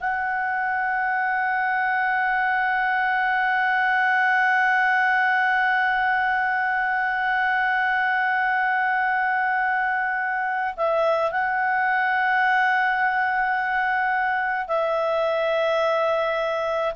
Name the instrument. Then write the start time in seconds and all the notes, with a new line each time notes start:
clarinet
0.00 F#5
10.77 E5
11.32 F#5
14.68 E5